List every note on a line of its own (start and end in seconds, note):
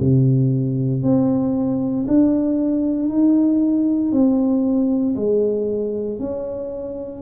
0.00 1.03 C3
1.03 2.06 C4
2.08 3.09 D4
3.09 4.12 D#4
4.12 5.15 C4
5.16 6.19 G#3
6.19 7.22 C#4